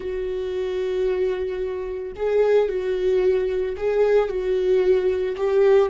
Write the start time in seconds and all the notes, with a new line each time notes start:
0.00 F#4
2.16 G#4
2.68 F#4
3.76 G#4
4.29 F#4
5.36 G4